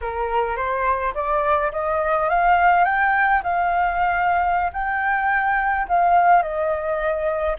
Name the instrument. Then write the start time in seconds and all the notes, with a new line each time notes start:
flute
0.01 A#4
0.56 C5
1.14 D5
1.72 D#5
2.29 F5
2.84 G5
3.43 F5
4.72 G5
5.88 F5
6.42 D#5